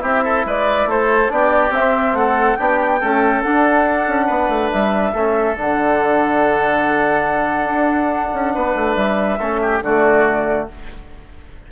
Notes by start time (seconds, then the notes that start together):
0.00 C4 E4 G4 E5
0.25 A4
0.46 G#3 B4 D5
0.86 A3 A4 C5
1.29 B3 D4 G4 D5
1.70 C4 E5
1.77 C4
2.13 A3 A4 F#5
2.56 B3 D4 G4 G5
3.01 A3 C#4 A4
3.43 D4 F#5
4.07 C#4
4.27 B3 B4
4.49 A3
4.72 G3 E5
5.13 A3 C#4 A4
5.57 D3 D4 F#5
7.65 D4
8.34 C#4
8.55 B3 B4
8.75 A3
8.95 G3 E5
9.39 A3 C#4 A4
9.62 G4
9.81 D3 A3 F#4 D5